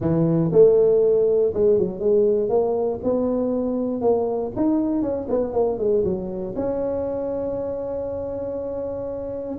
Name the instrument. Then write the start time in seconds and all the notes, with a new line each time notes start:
tuba
0.00 E3
0.52 A3
1.54 G#3
1.79 F#3
1.99 G#3
2.49 A#3
3.03 B3
4.01 A#3
4.56 D#4
5.01 C#4
5.28 B3
5.53 A#3
5.78 G#3
6.04 F#3
6.55 C#4